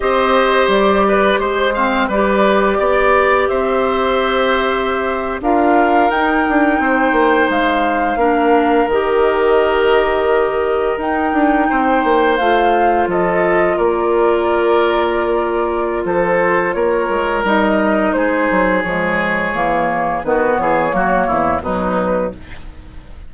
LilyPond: <<
  \new Staff \with { instrumentName = "flute" } { \time 4/4 \tempo 4 = 86 dis''4 d''4 c''4 d''4~ | d''4 e''2~ e''8. f''16~ | f''8. g''2 f''4~ f''16~ | f''8. dis''2. g''16~ |
g''4.~ g''16 f''4 dis''4 d''16~ | d''2. c''4 | cis''4 dis''4 c''4 cis''4~ | cis''4 b'8 cis''4. b'4 | }
  \new Staff \with { instrumentName = "oboe" } { \time 4/4 c''4. b'8 c''8 f''8 b'4 | d''4 c''2~ c''8. ais'16~ | ais'4.~ ais'16 c''2 ais'16~ | ais'1~ |
ais'8. c''2 a'4 ais'16~ | ais'2. a'4 | ais'2 gis'2~ | gis'4 fis'8 gis'8 fis'8 e'8 dis'4 | }
  \new Staff \with { instrumentName = "clarinet" } { \time 4/4 g'2~ g'8 c'8 g'4~ | g'2.~ g'8. f'16~ | f'8. dis'2. d'16~ | d'8. g'2. dis'16~ |
dis'4.~ dis'16 f'2~ f'16~ | f'1~ | f'4 dis'2 gis4 | ais4 b4 ais4 fis4 | }
  \new Staff \with { instrumentName = "bassoon" } { \time 4/4 c'4 g4 gis4 g4 | b4 c'2~ c'8. d'16~ | d'8. dis'8 d'8 c'8 ais8 gis4 ais16~ | ais8. dis2. dis'16~ |
dis'16 d'8 c'8 ais8 a4 f4 ais16~ | ais2. f4 | ais8 gis8 g4 gis8 fis8 f4 | e4 dis8 e8 fis8 e,8 b,4 | }
>>